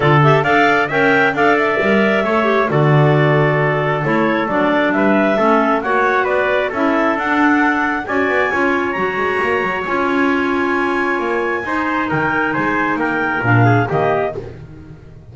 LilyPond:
<<
  \new Staff \with { instrumentName = "clarinet" } { \time 4/4 \tempo 4 = 134 d''8 e''8 f''4 g''4 f''8 e''8~ | e''2 d''2~ | d''4 cis''4 d''4 e''4~ | e''4 fis''4 d''4 e''4 |
fis''2 gis''2 | ais''2 gis''2~ | gis''2. g''4 | gis''4 g''4 f''4 dis''4 | }
  \new Staff \with { instrumentName = "trumpet" } { \time 4/4 a'4 d''4 e''4 d''4~ | d''4 cis''4 a'2~ | a'2. b'4 | a'4 cis''4 b'4 a'4~ |
a'2 d''4 cis''4~ | cis''1~ | cis''2 c''4 ais'4 | c''4 ais'4. gis'8 g'4 | }
  \new Staff \with { instrumentName = "clarinet" } { \time 4/4 f'8 g'8 a'4 ais'4 a'4 | ais'4 a'8 g'8 fis'2~ | fis'4 e'4 d'2 | cis'4 fis'2 e'4 |
d'2 fis'4 f'4 | fis'2 f'2~ | f'2 dis'2~ | dis'2 d'4 ais4 | }
  \new Staff \with { instrumentName = "double bass" } { \time 4/4 d4 d'4 cis'4 d'4 | g4 a4 d2~ | d4 a4 fis4 g4 | a4 ais4 b4 cis'4 |
d'2 cis'8 b8 cis'4 | fis8 gis8 ais8 fis8 cis'2~ | cis'4 ais4 dis'4 dis4 | gis4 ais4 ais,4 dis4 | }
>>